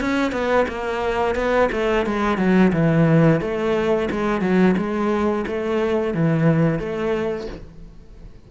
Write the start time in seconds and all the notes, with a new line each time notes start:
0.00 C#4
0.32 B3
0.68 A#3
1.35 B3
1.72 A3
2.06 G#3
2.37 F#3
2.73 E3
3.41 A3
4.11 G#3
4.41 F#3
4.77 G#3
5.47 A3
6.14 E3
6.79 A3